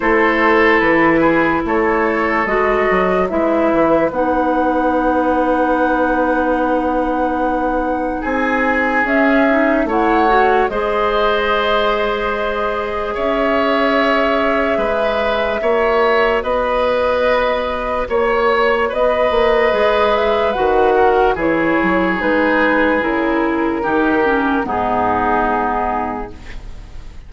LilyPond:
<<
  \new Staff \with { instrumentName = "flute" } { \time 4/4 \tempo 4 = 73 c''4 b'4 cis''4 dis''4 | e''4 fis''2.~ | fis''2 gis''4 e''4 | fis''4 dis''2. |
e''1 | dis''2 cis''4 dis''4~ | dis''8 e''8 fis''4 cis''4 b'4 | ais'2 gis'2 | }
  \new Staff \with { instrumentName = "oboe" } { \time 4/4 a'4. gis'8 a'2 | b'1~ | b'2 gis'2 | cis''4 c''2. |
cis''2 b'4 cis''4 | b'2 cis''4 b'4~ | b'4. ais'8 gis'2~ | gis'4 g'4 dis'2 | }
  \new Staff \with { instrumentName = "clarinet" } { \time 4/4 e'2. fis'4 | e'4 dis'2.~ | dis'2. cis'8 dis'8 | e'8 fis'8 gis'2.~ |
gis'2. fis'4~ | fis'1 | gis'4 fis'4 e'4 dis'4 | e'4 dis'8 cis'8 b2 | }
  \new Staff \with { instrumentName = "bassoon" } { \time 4/4 a4 e4 a4 gis8 fis8 | gis8 e8 b2.~ | b2 c'4 cis'4 | a4 gis2. |
cis'2 gis4 ais4 | b2 ais4 b8 ais8 | gis4 dis4 e8 fis8 gis4 | cis4 dis4 gis,2 | }
>>